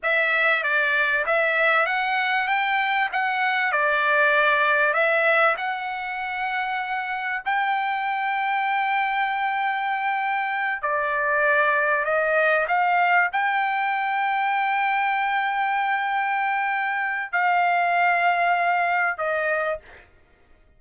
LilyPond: \new Staff \with { instrumentName = "trumpet" } { \time 4/4 \tempo 4 = 97 e''4 d''4 e''4 fis''4 | g''4 fis''4 d''2 | e''4 fis''2. | g''1~ |
g''4. d''2 dis''8~ | dis''8 f''4 g''2~ g''8~ | g''1 | f''2. dis''4 | }